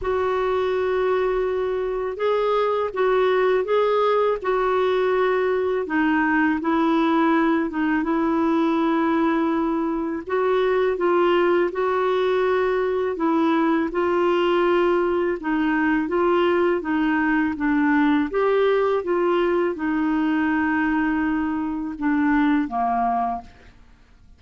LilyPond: \new Staff \with { instrumentName = "clarinet" } { \time 4/4 \tempo 4 = 82 fis'2. gis'4 | fis'4 gis'4 fis'2 | dis'4 e'4. dis'8 e'4~ | e'2 fis'4 f'4 |
fis'2 e'4 f'4~ | f'4 dis'4 f'4 dis'4 | d'4 g'4 f'4 dis'4~ | dis'2 d'4 ais4 | }